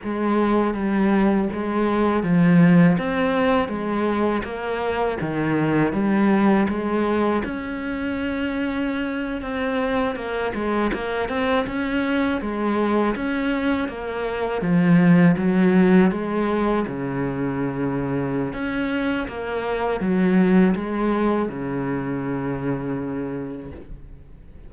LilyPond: \new Staff \with { instrumentName = "cello" } { \time 4/4 \tempo 4 = 81 gis4 g4 gis4 f4 | c'4 gis4 ais4 dis4 | g4 gis4 cis'2~ | cis'8. c'4 ais8 gis8 ais8 c'8 cis'16~ |
cis'8. gis4 cis'4 ais4 f16~ | f8. fis4 gis4 cis4~ cis16~ | cis4 cis'4 ais4 fis4 | gis4 cis2. | }